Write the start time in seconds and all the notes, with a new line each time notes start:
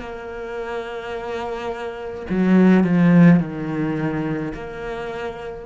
0.00 A#3
2.30 F#3
2.84 F3
3.40 D#3
4.54 A#3